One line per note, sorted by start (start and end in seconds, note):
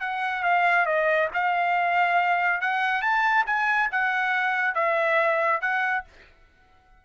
0.00 0.43 F#5
0.43 0.85 F5
0.85 1.29 D#5
1.33 2.61 F5
2.61 3.01 F#5
3.01 3.45 A5
3.46 3.89 G#5
3.91 4.75 F#5
4.75 5.61 E5
5.61 6.04 F#5